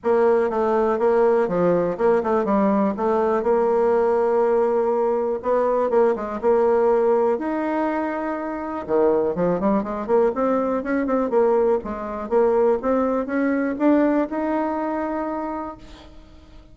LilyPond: \new Staff \with { instrumentName = "bassoon" } { \time 4/4 \tempo 4 = 122 ais4 a4 ais4 f4 | ais8 a8 g4 a4 ais4~ | ais2. b4 | ais8 gis8 ais2 dis'4~ |
dis'2 dis4 f8 g8 | gis8 ais8 c'4 cis'8 c'8 ais4 | gis4 ais4 c'4 cis'4 | d'4 dis'2. | }